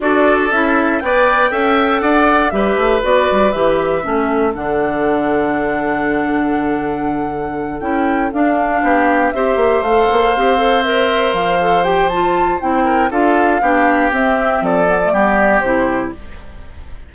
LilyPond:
<<
  \new Staff \with { instrumentName = "flute" } { \time 4/4 \tempo 4 = 119 d''4 e''4 g''2 | fis''4 e''4 d''4 e''4~ | e''4 fis''2.~ | fis''2.~ fis''8 g''8~ |
g''8 f''2 e''4 f''8~ | f''4. e''4 f''4 g''8 | a''4 g''4 f''2 | e''4 d''2 c''4 | }
  \new Staff \with { instrumentName = "oboe" } { \time 4/4 a'2 d''4 e''4 | d''4 b'2. | a'1~ | a'1~ |
a'4. g'4 c''4.~ | c''1~ | c''4. ais'8 a'4 g'4~ | g'4 a'4 g'2 | }
  \new Staff \with { instrumentName = "clarinet" } { \time 4/4 fis'4 e'4 b'4 a'4~ | a'4 g'4 fis'4 g'4 | cis'4 d'2.~ | d'2.~ d'8 e'8~ |
e'8 d'2 g'4 a'8~ | a'8 g'8 a'8 ais'4. a'8 g'8 | f'4 e'4 f'4 d'4 | c'4. b16 a16 b4 e'4 | }
  \new Staff \with { instrumentName = "bassoon" } { \time 4/4 d'4 cis'4 b4 cis'4 | d'4 g8 a8 b8 g8 e4 | a4 d2.~ | d2.~ d8 cis'8~ |
cis'8 d'4 b4 c'8 ais8 a8 | ais8 c'2 f4.~ | f4 c'4 d'4 b4 | c'4 f4 g4 c4 | }
>>